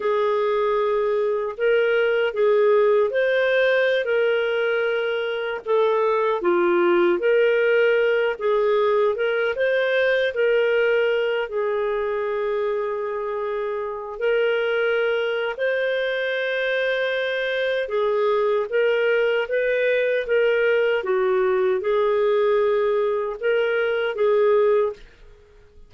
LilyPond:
\new Staff \with { instrumentName = "clarinet" } { \time 4/4 \tempo 4 = 77 gis'2 ais'4 gis'4 | c''4~ c''16 ais'2 a'8.~ | a'16 f'4 ais'4. gis'4 ais'16~ | ais'16 c''4 ais'4. gis'4~ gis'16~ |
gis'2~ gis'16 ais'4.~ ais'16 | c''2. gis'4 | ais'4 b'4 ais'4 fis'4 | gis'2 ais'4 gis'4 | }